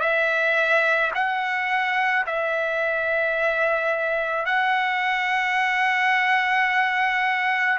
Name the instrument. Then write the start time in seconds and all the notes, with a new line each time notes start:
trumpet
0.00 E5
1.14 F#5
2.26 E5
4.45 F#5